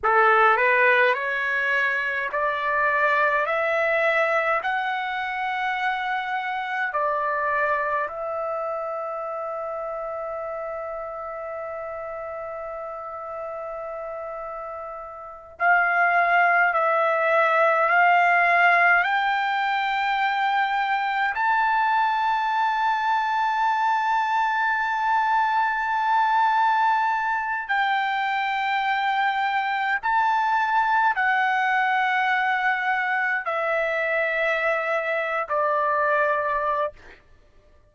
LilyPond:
\new Staff \with { instrumentName = "trumpet" } { \time 4/4 \tempo 4 = 52 a'8 b'8 cis''4 d''4 e''4 | fis''2 d''4 e''4~ | e''1~ | e''4. f''4 e''4 f''8~ |
f''8 g''2 a''4.~ | a''1 | g''2 a''4 fis''4~ | fis''4 e''4.~ e''16 d''4~ d''16 | }